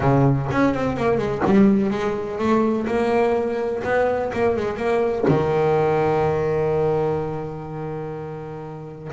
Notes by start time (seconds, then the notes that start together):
0.00 C#3
0.51 C#4
0.74 C4
0.96 A#3
1.18 G#3
1.45 G3
1.90 G#3
2.38 A3
2.86 A#3
3.83 B3
4.33 A#3
4.56 G#3
4.76 A#3
5.28 D#3